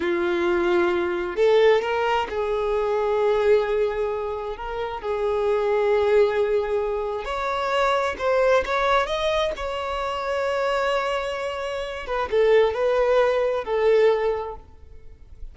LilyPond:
\new Staff \with { instrumentName = "violin" } { \time 4/4 \tempo 4 = 132 f'2. a'4 | ais'4 gis'2.~ | gis'2 ais'4 gis'4~ | gis'1 |
cis''2 c''4 cis''4 | dis''4 cis''2.~ | cis''2~ cis''8 b'8 a'4 | b'2 a'2 | }